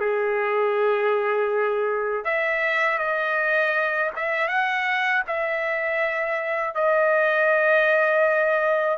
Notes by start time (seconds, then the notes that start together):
0.00 G#4
2.24 E5
2.98 D#5
4.16 E5
4.48 F#5
5.27 E5
6.75 D#5